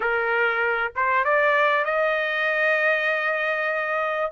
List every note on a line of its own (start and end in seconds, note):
0.00 0.92 A#4
0.95 1.24 C5
1.24 1.84 D5
1.84 4.31 D#5